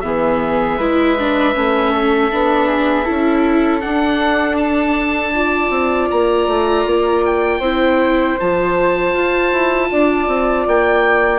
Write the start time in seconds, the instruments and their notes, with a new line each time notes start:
0.00 bassoon E3, viola B3, flute G#4, oboe E5
0.77 bassoon G#3, viola E4, flute B4
1.18 viola D4
1.54 bassoon A3, viola C#4
1.92 flute A4
2.31 bassoon B3, viola D4
2.67 flute G#4
3.04 bassoon C#4, viola E4, flute A4
3.80 viola D4, bassoon D4, oboe F#5
4.57 oboe A5
5.34 viola F4, flute D5
5.70 bassoon C4
6.10 bassoon A#3, oboe A#5
6.47 bassoon A3
6.86 bassoon A#3
7.25 oboe G5
7.59 bassoon C4, viola E4, flute C5
8.39 bassoon F3, viola F4, oboe A5
9.13 bassoon F4
9.52 bassoon E4
9.91 bassoon D4, flute D5
10.27 bassoon C4
10.67 bassoon A#3, oboe G5